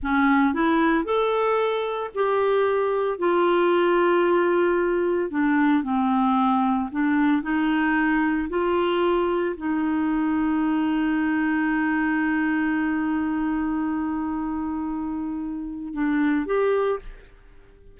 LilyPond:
\new Staff \with { instrumentName = "clarinet" } { \time 4/4 \tempo 4 = 113 cis'4 e'4 a'2 | g'2 f'2~ | f'2 d'4 c'4~ | c'4 d'4 dis'2 |
f'2 dis'2~ | dis'1~ | dis'1~ | dis'2 d'4 g'4 | }